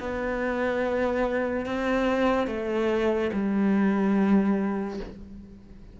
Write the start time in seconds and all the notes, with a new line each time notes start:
0.00 B3
1.66 C4
2.47 A3
3.33 G3